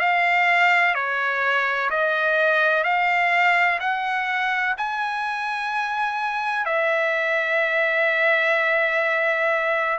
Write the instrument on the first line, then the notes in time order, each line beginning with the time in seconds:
trumpet
0.00 F5
0.95 C#5
1.90 D#5
2.84 F5
3.81 F#5
4.78 G#5
6.66 E5